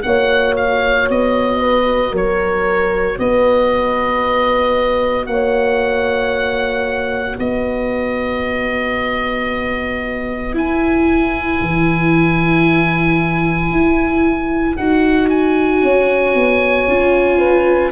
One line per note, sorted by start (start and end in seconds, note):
0.00 1.10 A#3
0.00 10.53 F#4
0.00 0.55 F#5
0.06 1.61 C#5
0.57 1.10 F5
1.10 2.13 B3
1.10 2.16 D#5
1.61 2.12 B4
2.12 3.18 F#3
2.12 3.17 A#4
2.12 3.20 C#5
3.19 5.27 B3
3.19 5.31 B4
3.19 5.27 D#5
5.27 7.37 A#3
5.27 7.42 C#5
5.27 7.37 F#5
7.39 10.55 B3
7.39 15.83 B4
7.39 10.56 D#5
10.54 14.75 E4
10.54 11.60 E4
10.54 14.77 G#5
11.62 13.71 E3
13.71 14.77 E4
14.77 15.82 D#4
14.77 16.88 F#4
14.77 15.30 F#5
15.30 17.92 G#5
15.82 16.35 C#4
15.82 17.39 C#5
16.35 16.87 B3
16.88 17.92 C#4
16.88 17.92 F4
17.39 17.91 B4